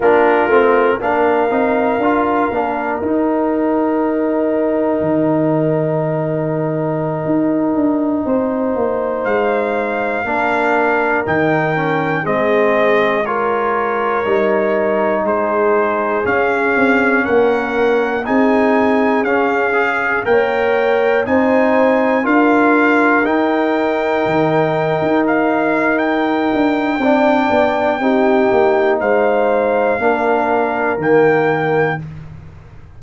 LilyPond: <<
  \new Staff \with { instrumentName = "trumpet" } { \time 4/4 \tempo 4 = 60 ais'4 f''2 g''4~ | g''1~ | g''4~ g''16 f''2 g''8.~ | g''16 dis''4 cis''2 c''8.~ |
c''16 f''4 fis''4 gis''4 f''8.~ | f''16 g''4 gis''4 f''4 g''8.~ | g''4~ g''16 f''8. g''2~ | g''4 f''2 g''4 | }
  \new Staff \with { instrumentName = "horn" } { \time 4/4 f'4 ais'2.~ | ais'1~ | ais'16 c''2 ais'4.~ ais'16~ | ais'16 gis'4 ais'2 gis'8.~ |
gis'4~ gis'16 ais'4 gis'4.~ gis'16~ | gis'16 cis''4 c''4 ais'4.~ ais'16~ | ais'2. d''4 | g'4 c''4 ais'2 | }
  \new Staff \with { instrumentName = "trombone" } { \time 4/4 d'8 c'8 d'8 dis'8 f'8 d'8 dis'4~ | dis'1~ | dis'2~ dis'16 d'4 dis'8 cis'16~ | cis'16 c'4 f'4 dis'4.~ dis'16~ |
dis'16 cis'2 dis'4 cis'8 gis'16~ | gis'16 ais'4 dis'4 f'4 dis'8.~ | dis'2. d'4 | dis'2 d'4 ais4 | }
  \new Staff \with { instrumentName = "tuba" } { \time 4/4 ais8 a8 ais8 c'8 d'8 ais8 dis'4~ | dis'4 dis2~ dis16 dis'8 d'16~ | d'16 c'8 ais8 gis4 ais4 dis8.~ | dis16 gis2 g4 gis8.~ |
gis16 cis'8 c'8 ais4 c'4 cis'8.~ | cis'16 ais4 c'4 d'4 dis'8.~ | dis'16 dis8. dis'4. d'8 c'8 b8 | c'8 ais8 gis4 ais4 dis4 | }
>>